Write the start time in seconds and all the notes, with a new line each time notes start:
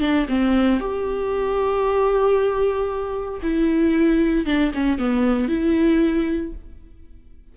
0.00 D4
0.28 C4
0.79 G4
3.42 E4
4.45 D4
4.74 C#4
4.98 B3
5.48 E4